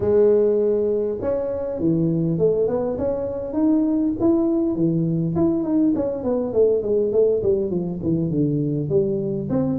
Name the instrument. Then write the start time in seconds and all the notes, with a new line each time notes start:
tuba
0.00 G#3
1.21 C#4
1.79 E3
2.38 A3
2.67 B3
2.98 C#4
3.53 D#4
4.20 E4
4.75 E3
5.35 E4
5.63 D#4
5.95 C#4
6.23 B3
6.53 A3
6.82 G#3
7.12 A3
7.43 G3
7.70 F3
8.02 E3
8.30 D3
8.89 G3
9.49 C4